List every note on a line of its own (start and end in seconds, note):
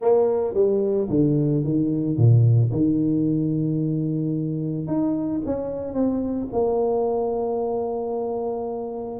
0.01 0.54 A#3
0.54 1.08 G3
1.09 1.63 D3
1.63 2.17 D#3
2.17 2.71 A#2
2.71 4.87 D#3
4.87 5.41 D#4
5.45 5.93 C#4
5.93 6.47 C4
6.52 9.19 A#3